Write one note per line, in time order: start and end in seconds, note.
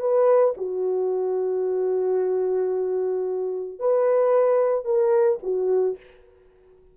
0.00 0.54 B4
0.57 3.80 F#4
3.80 4.85 B4
4.85 5.39 A#4
5.43 5.97 F#4